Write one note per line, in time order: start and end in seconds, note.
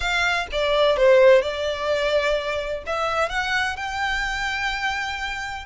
0.00 0.46 F5
0.52 0.96 D5
0.96 1.42 C5
1.42 2.83 D5
2.86 3.29 E5
3.29 3.76 F#5
3.76 5.65 G5